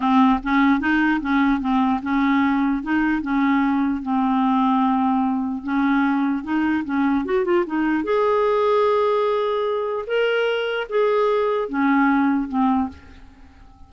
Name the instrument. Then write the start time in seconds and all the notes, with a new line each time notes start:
clarinet
0.00 C4
0.43 C#4
0.80 D#4
1.20 C#4
1.60 C4
2.02 C#4
2.82 D#4
3.21 C#4
4.02 C4
5.63 C#4
6.43 D#4
6.85 C#4
7.25 F#4
7.44 F4
7.66 D#4
8.04 G#4
10.07 A#4
10.89 G#4
11.69 C#4
12.48 C4